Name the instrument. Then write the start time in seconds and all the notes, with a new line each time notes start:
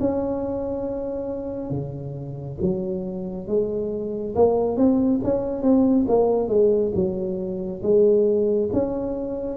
tuba
0.00 C#4
1.70 C#3
2.61 F#3
3.47 G#3
4.36 A#3
4.77 C4
5.24 C#4
5.62 C4
6.08 A#3
6.49 G#3
6.95 F#3
7.83 G#3
8.73 C#4